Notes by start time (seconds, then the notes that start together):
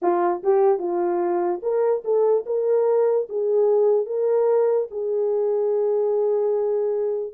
0.01 F4
0.43 G4
0.78 F4
1.62 A#4
2.04 A4
2.45 A#4
3.29 G#4
4.06 A#4
4.90 G#4